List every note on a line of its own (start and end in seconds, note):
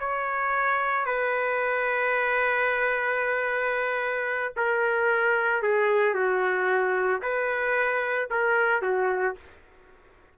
0.00 1.06 C#5
1.06 4.54 B4
4.57 5.63 A#4
5.63 6.15 G#4
6.15 7.22 F#4
7.22 8.29 B4
8.31 8.82 A#4
8.82 9.36 F#4